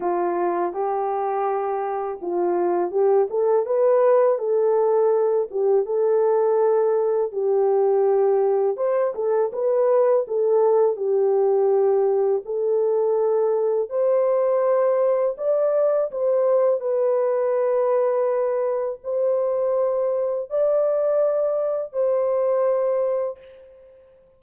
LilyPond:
\new Staff \with { instrumentName = "horn" } { \time 4/4 \tempo 4 = 82 f'4 g'2 f'4 | g'8 a'8 b'4 a'4. g'8 | a'2 g'2 | c''8 a'8 b'4 a'4 g'4~ |
g'4 a'2 c''4~ | c''4 d''4 c''4 b'4~ | b'2 c''2 | d''2 c''2 | }